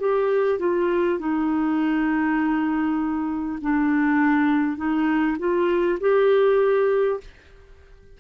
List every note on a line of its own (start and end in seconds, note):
0.00 0.59 G4
0.59 1.19 F4
1.19 3.59 D#4
3.62 4.77 D4
4.77 5.37 D#4
5.38 5.98 F4
6.00 7.20 G4